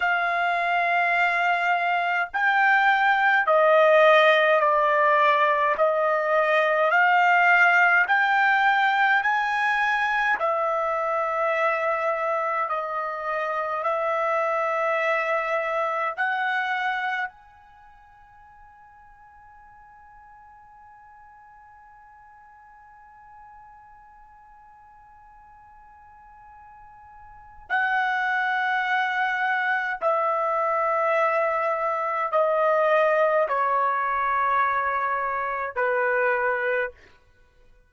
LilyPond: \new Staff \with { instrumentName = "trumpet" } { \time 4/4 \tempo 4 = 52 f''2 g''4 dis''4 | d''4 dis''4 f''4 g''4 | gis''4 e''2 dis''4 | e''2 fis''4 gis''4~ |
gis''1~ | gis''1 | fis''2 e''2 | dis''4 cis''2 b'4 | }